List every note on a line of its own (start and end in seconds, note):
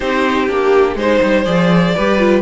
0.00 0.48 C4
0.00 0.48 D#4
0.00 0.96 G4
0.00 0.49 C5
0.48 0.95 A#3
0.48 0.97 D4
0.48 0.97 G4
0.95 1.20 G#3
0.95 1.45 D#4
0.95 1.44 C5
0.95 1.95 C5
1.22 1.46 G3
1.44 1.94 F3
1.44 1.93 G#4
1.44 2.42 D5
1.95 2.42 G3
1.95 2.18 G4
1.95 2.42 B4
2.18 2.42 F4